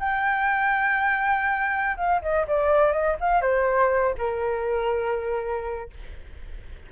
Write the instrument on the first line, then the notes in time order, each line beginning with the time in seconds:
flute
0.00 G5
1.97 F5
2.22 D#5
2.48 D5
2.92 D#5
3.21 F5
3.42 C5
4.18 A#4